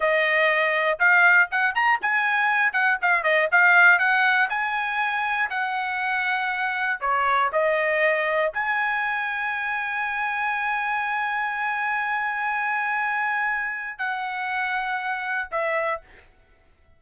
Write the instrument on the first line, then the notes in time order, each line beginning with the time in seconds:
trumpet
0.00 D#5
0.99 F5
1.51 F#5
1.74 A#5
2.01 G#5
2.73 F#5
3.01 F5
3.23 D#5
3.51 F5
3.99 F#5
4.49 G#5
5.50 F#5
7.00 C#5
7.52 D#5
8.53 G#5
13.98 F#5
15.51 E5